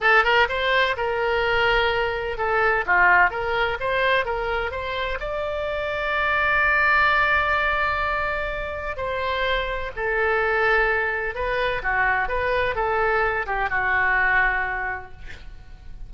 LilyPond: \new Staff \with { instrumentName = "oboe" } { \time 4/4 \tempo 4 = 127 a'8 ais'8 c''4 ais'2~ | ais'4 a'4 f'4 ais'4 | c''4 ais'4 c''4 d''4~ | d''1~ |
d''2. c''4~ | c''4 a'2. | b'4 fis'4 b'4 a'4~ | a'8 g'8 fis'2. | }